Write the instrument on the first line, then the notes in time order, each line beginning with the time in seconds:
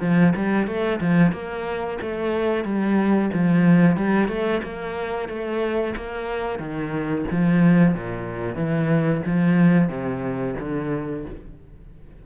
cello
0.00 F3
0.36 G3
0.67 A3
1.00 F3
1.32 A#3
2.01 A3
2.64 G3
3.33 F3
3.96 G3
4.28 A3
4.62 A#3
5.28 A3
5.96 A#3
6.59 D#3
7.31 F3
7.94 A#2
8.55 E3
9.25 F3
9.89 C3
10.59 D3